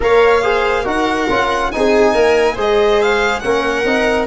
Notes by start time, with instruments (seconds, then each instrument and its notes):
0.00 tuba A#3, trombone A#4, viola C#5, violin F5
0.42 trombone G#4, viola C5
0.82 tuba D#4, trombone F#4, viola A#4, violin F#5
1.29 tuba C#4, trombone F4
1.71 tuba C4, trombone D#4, viola G#4, violin G#5
2.14 tuba A#3, viola A#4
2.54 tuba G#3, trombone G#4, viola C5
2.60 violin D#5
3.02 violin F5
3.39 tuba A#3, trombone C#4, viola A#4, violin F#5
3.84 tuba C4, trombone D#4